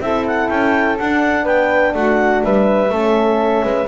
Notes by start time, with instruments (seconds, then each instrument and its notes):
0.00 double bass C4, horn E4, flute A4, clarinet E5
0.26 clarinet F#5
0.48 double bass C#4, clarinet G5
0.98 double bass D4, horn D4, clarinet F#5
1.43 double bass B3, flute B4, clarinet G5
1.93 double bass A3, flute F#4, clarinet F#5
2.43 double bass G3, flute B4, clarinet E5
2.89 double bass A3, horn C#4, flute A4
3.63 double bass G#3, flute B4